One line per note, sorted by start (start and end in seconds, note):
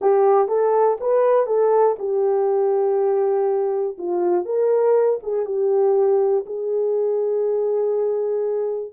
0.01 0.47 G4
0.47 0.97 A4
1.00 1.46 B4
1.46 1.96 A4
1.98 3.97 G4
3.98 4.45 F4
4.45 5.19 A#4
5.22 5.45 G#4
5.45 6.45 G4
6.46 8.93 G#4